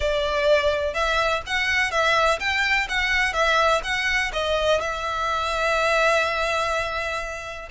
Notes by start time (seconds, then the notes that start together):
0.00 D5
0.94 E5
1.46 F#5
1.91 E5
2.39 G5
2.88 F#5
3.33 E5
3.83 F#5
4.32 D#5
4.80 E5